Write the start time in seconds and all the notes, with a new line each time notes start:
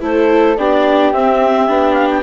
0.00 A3 E4 A4 C5
0.57 B3 D4 G4 D5
1.12 C4 E5
1.67 B3 D4
1.93 F5
2.10 G5